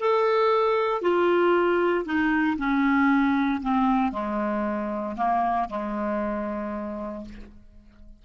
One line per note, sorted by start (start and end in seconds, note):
0.00 1.02 A4
1.02 2.05 F4
2.05 2.57 D#4
2.58 3.61 C#4
3.62 4.12 C4
4.12 5.16 G#3
5.17 5.69 A#3
5.70 7.25 G#3